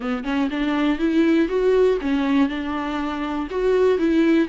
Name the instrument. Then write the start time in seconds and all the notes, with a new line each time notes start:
viola
0.00 B3
0.23 C#4
0.50 D4
0.98 E4
1.48 F#4
2.01 C#4
2.48 D4
3.50 F#4
3.98 E4